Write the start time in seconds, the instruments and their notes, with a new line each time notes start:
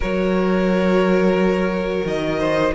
0.00 cello F#3, viola F#4, violin A#4 C#5
2.04 cello D#3, violin D#5
2.39 violin C5